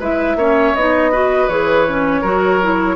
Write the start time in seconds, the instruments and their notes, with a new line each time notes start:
0.00 bassoon G#3, clarinet E4, oboe B4, flute E5
0.36 bassoon A#3, clarinet C#4, oboe C#5
0.75 bassoon B3, clarinet D#4, flute D#5
1.12 clarinet F#4, oboe B4
1.48 bassoon E3, clarinet G#4, flute C#5
1.88 clarinet C#4
2.22 bassoon F#3, clarinet F#4, oboe A#4
2.62 clarinet E4